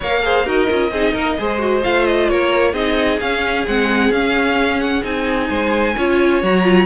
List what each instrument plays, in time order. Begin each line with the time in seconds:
0.00 cello A#3, viola A#4, violin C#5 F5
0.22 viola G#4, violin C5
0.45 cello D#4, viola F#4, violin A#4 D#5
0.69 cello C#4, viola F4
0.91 cello C4, viola D#4, violin G#4
1.13 cello A#3, violin A#4
1.38 cello G#3, viola G#4, violin C5
1.58 viola F#4
1.83 cello A3, viola F4, violin F5
2.05 violin D#5
2.28 cello A#3, violin A#4 C#5
2.72 cello C4, viola D#4, violin G#4 D#5
3.19 cello C#4, viola C#4, violin F5
3.67 cello G#3, viola C4, violin F#5
4.10 cello C#4, viola C#4, violin F5
4.80 violin F#5
5.03 cello C4, viola D#4, violin G#5
5.49 cello G#3, violin C5
5.97 cello C#4, viola F4, violin C#5
6.42 cello F#3, viola F#4, violin A#5
6.63 viola F4